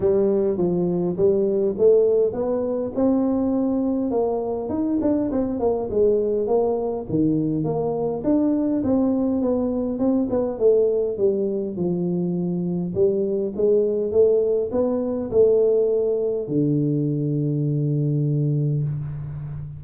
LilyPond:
\new Staff \with { instrumentName = "tuba" } { \time 4/4 \tempo 4 = 102 g4 f4 g4 a4 | b4 c'2 ais4 | dis'8 d'8 c'8 ais8 gis4 ais4 | dis4 ais4 d'4 c'4 |
b4 c'8 b8 a4 g4 | f2 g4 gis4 | a4 b4 a2 | d1 | }